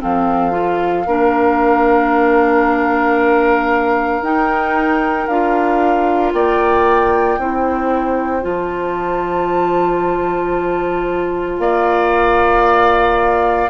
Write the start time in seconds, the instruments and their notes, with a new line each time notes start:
0.00 bassoon F3, clarinet C4, oboe A4, flute F5
0.51 clarinet F4
1.06 bassoon A#3, clarinet D4, oboe A#4
4.21 bassoon D#4, clarinet D#4, flute G5
5.27 bassoon D4, clarinet F4, flute F5
6.33 bassoon A#3, oboe D5, flute G5
7.38 bassoon C4, clarinet E4, oboe C5
8.41 bassoon F3, clarinet F4, flute A5
11.58 bassoon A#3, oboe D5, flute F5